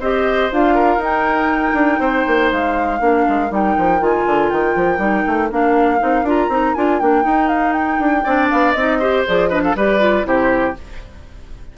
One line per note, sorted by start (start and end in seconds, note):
0.00 0.51 C4
0.00 0.51 G4
0.00 0.75 C5
0.00 0.51 D#5
0.51 0.97 D4
0.51 1.00 F4
0.51 1.03 F5
0.75 2.00 A#4
0.97 1.72 D#4
0.97 3.00 D#4
1.04 2.52 G5
1.74 1.99 D4
2.00 2.25 C4
2.00 3.00 C5
2.27 2.52 A#3
2.52 3.01 G#3
2.52 3.52 F5
3.00 3.26 A#3
3.00 3.49 D4
3.00 8.24 A#4
3.29 3.51 G#3
3.49 3.76 G3
3.49 3.99 D#4
3.49 4.04 G5
3.78 4.01 F3
3.99 4.26 D#3
3.99 4.98 F4
3.99 4.50 G#5
4.26 4.51 D3
4.50 4.76 D#3
4.50 5.50 G5
4.76 4.99 F3
4.98 5.24 G3
4.98 5.48 D#4
5.27 5.51 A3
5.51 6.01 A#3
5.51 5.99 D4
5.51 6.28 F5
5.99 6.23 C4
5.99 6.24 D#4
6.23 6.48 D4
6.23 6.51 F4
6.29 6.74 A#5
6.49 6.74 C4
6.49 6.76 D#4
6.74 7.02 D4
6.74 7.01 F4
6.74 6.99 G#5
7.00 7.24 A#3
7.00 7.22 D4
7.00 7.48 G5
7.22 8.22 D#4
7.22 7.99 D#4
7.48 7.73 F5
7.73 8.48 G5
7.99 8.24 D4
8.24 8.51 C4
8.24 8.76 D4
8.24 8.99 D5
8.50 8.75 B3
8.50 8.73 F5
8.73 9.25 C4
8.73 9.01 D#4
8.73 9.23 D#5
8.99 9.26 G4
8.99 9.49 C5
9.27 9.75 F3
9.27 9.51 G#4
9.27 9.50 D5
9.49 9.76 D4
9.49 9.62 B4
9.49 9.62 D#5
9.64 9.76 A4
9.64 9.76 F5
9.75 10.25 G3
9.75 10.00 G4
9.75 10.27 B4
9.75 10.27 D5
10.00 10.24 F4
10.24 10.76 C3
10.24 10.74 E4
10.24 10.78 G4
10.24 10.77 C5